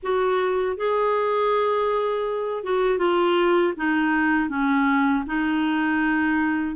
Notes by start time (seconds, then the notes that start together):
0.02 F#4
0.76 G#4
2.63 F#4
2.98 F4
3.76 D#4
4.49 C#4
5.26 D#4